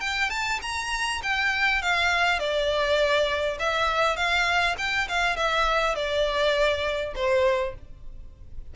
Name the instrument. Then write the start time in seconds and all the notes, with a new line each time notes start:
violin
0.00 G5
0.30 A5
0.62 A#5
1.23 G5
1.82 F5
2.39 D5
3.59 E5
4.16 F5
4.78 G5
5.08 F5
5.36 E5
5.95 D5
7.15 C5